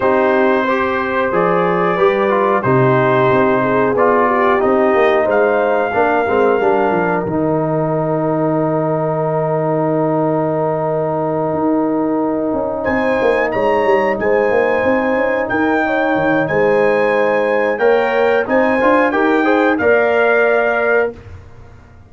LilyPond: <<
  \new Staff \with { instrumentName = "trumpet" } { \time 4/4 \tempo 4 = 91 c''2 d''2 | c''2 d''4 dis''4 | f''2. g''4~ | g''1~ |
g''2.~ g''8 gis''8~ | gis''8 ais''4 gis''2 g''8~ | g''4 gis''2 g''4 | gis''4 g''4 f''2 | }
  \new Staff \with { instrumentName = "horn" } { \time 4/4 g'4 c''2 b'4 | g'4. gis'4 g'4. | c''4 ais'2.~ | ais'1~ |
ais'2.~ ais'8 c''8~ | c''8 cis''4 c''2 ais'8 | cis''4 c''2 cis''4 | c''4 ais'8 c''8 d''2 | }
  \new Staff \with { instrumentName = "trombone" } { \time 4/4 dis'4 g'4 gis'4 g'8 f'8 | dis'2 f'4 dis'4~ | dis'4 d'8 c'8 d'4 dis'4~ | dis'1~ |
dis'1~ | dis'1~ | dis'2. ais'4 | dis'8 f'8 g'8 gis'8 ais'2 | }
  \new Staff \with { instrumentName = "tuba" } { \time 4/4 c'2 f4 g4 | c4 c'4 b4 c'8 ais8 | gis4 ais8 gis8 g8 f8 dis4~ | dis1~ |
dis4. dis'4. cis'8 c'8 | ais8 gis8 g8 gis8 ais8 c'8 cis'8 dis'8~ | dis'8 dis8 gis2 ais4 | c'8 d'8 dis'4 ais2 | }
>>